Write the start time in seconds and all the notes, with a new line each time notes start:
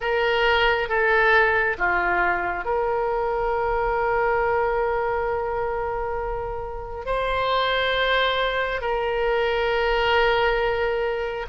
0.00 A#4
0.88 A4
1.78 F4
2.65 A#4
7.05 C5
8.81 A#4